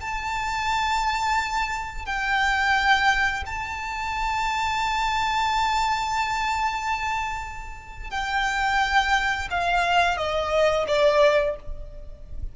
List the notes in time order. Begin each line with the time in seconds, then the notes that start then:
0.00 A5
2.05 G5
3.46 A5
8.10 G5
9.50 F5
10.17 D#5
10.87 D5